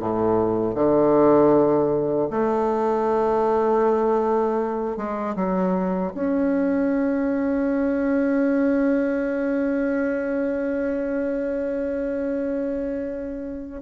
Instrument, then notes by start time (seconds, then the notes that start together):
bassoon
0.00 A2
0.75 D3
2.31 A3
4.97 G#3
5.36 F#3
6.15 C#4